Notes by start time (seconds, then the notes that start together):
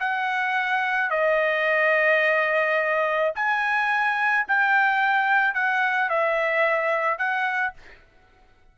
0.00 F#5
1.11 D#5
3.36 G#5
4.48 G5
5.55 F#5
6.10 E5
7.18 F#5